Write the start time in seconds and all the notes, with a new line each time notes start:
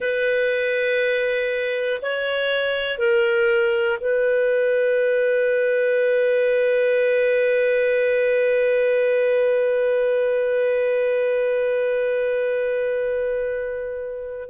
0.00 B4
2.02 C#5
2.98 A#4
4.00 B4